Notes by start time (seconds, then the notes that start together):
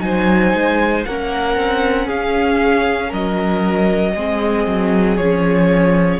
0.00 F#3 D#4 C5 G#5
0.54 G#3
1.05 A#3 C#4 A#4 F#5
1.56 C4
2.06 C#4 G#4 F5
3.09 F#3 A#4 D#5
4.15 G#3 C4 G#4
4.67 F#3
5.17 F3 C#4 C#5